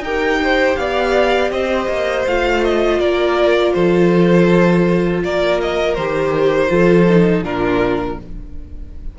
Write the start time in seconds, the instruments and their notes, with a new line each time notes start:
0.00 cello D#4, viola G4, violin A#4 G5
0.44 violin C5
0.76 cello B3, violin D5 F5
1.50 cello C4, violin C5 D#5
1.89 cello A#3
2.27 cello A3, viola F4, violin F5
2.64 violin D#5
3.00 cello A#3, violin A#4 D5
3.74 cello F3, violin A4 C5
5.24 cello A#3, violin A#4 D5
5.62 violin D#5
5.95 cello D#3, viola G4, violin C5
6.68 cello F3, viola F4, violin A4
7.09 viola D#4
7.43 cello A#2, viola D4, violin F4 A#4